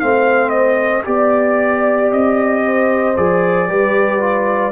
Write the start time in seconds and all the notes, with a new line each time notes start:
0.00 A3 C4 C5 F5
0.50 D#5
1.04 B3 G4 D5
2.12 C4 D#5
2.65 C5
3.17 F3 G#4 D5
3.68 G3 G4 B4
4.20 F4